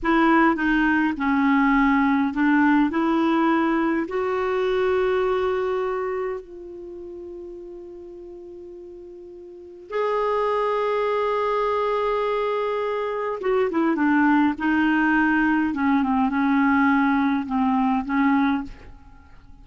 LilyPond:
\new Staff \with { instrumentName = "clarinet" } { \time 4/4 \tempo 4 = 103 e'4 dis'4 cis'2 | d'4 e'2 fis'4~ | fis'2. f'4~ | f'1~ |
f'4 gis'2.~ | gis'2. fis'8 e'8 | d'4 dis'2 cis'8 c'8 | cis'2 c'4 cis'4 | }